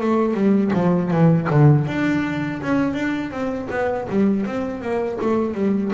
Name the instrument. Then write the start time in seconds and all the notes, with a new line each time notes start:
double bass
0.00 A3
0.34 G3
0.73 F3
1.10 E3
1.50 D3
1.87 D4
2.62 C#4
2.94 D4
3.31 C4
3.70 B3
4.09 G3
4.46 C4
4.81 A#3
5.21 A3
5.55 G3